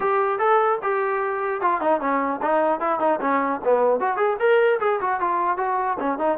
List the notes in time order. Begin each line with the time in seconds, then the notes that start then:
0.00 G4
0.38 A4
0.82 G4
1.61 F4
1.80 D#4
2.00 C#4
2.41 D#4
2.79 E4
2.99 D#4
3.21 C#4
3.64 B3
4.00 F#4
4.16 G#4
4.39 A#4
4.79 G#4
5.01 F#4
5.20 F4
5.57 F#4
5.99 C#4
6.18 D#4